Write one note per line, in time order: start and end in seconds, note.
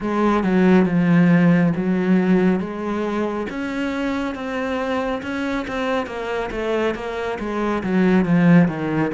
0.00 0.43 G#3
0.43 0.85 F#3
0.85 1.72 F3
1.76 2.59 F#3
2.59 3.46 G#3
3.49 4.34 C#4
4.34 5.21 C4
5.22 5.66 C#4
5.68 6.06 C4
6.06 6.50 A#3
6.51 6.94 A3
6.94 7.38 A#3
7.39 7.82 G#3
7.83 8.25 F#3
8.25 8.68 F3
8.68 9.11 D#3